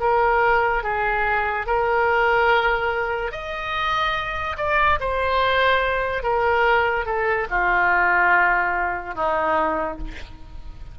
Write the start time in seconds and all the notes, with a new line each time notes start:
0.00 A#4
0.83 G#4
1.66 A#4
3.32 D#5
4.58 D5
5.00 C5
6.23 A#4
7.06 A4
7.50 F4
9.15 D#4